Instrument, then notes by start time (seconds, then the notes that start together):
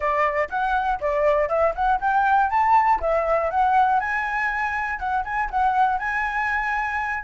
flute
0.00 D5
0.49 F#5
1.00 D5
1.48 E5
1.75 F#5
2.00 G5
2.50 A5
3.00 E5
3.50 F#5
4.00 G#5
4.99 F#5
5.24 G#5
5.50 F#5
5.98 G#5